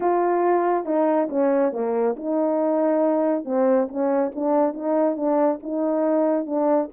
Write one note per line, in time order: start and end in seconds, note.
0.00 0.85 F4
0.85 1.28 D#4
1.29 1.72 C#4
1.72 2.15 A#3
2.16 3.44 D#4
3.44 3.87 C4
3.88 4.31 C#4
4.35 4.73 D4
4.73 5.16 D#4
5.16 5.59 D4
5.63 6.46 D#4
6.46 6.89 D4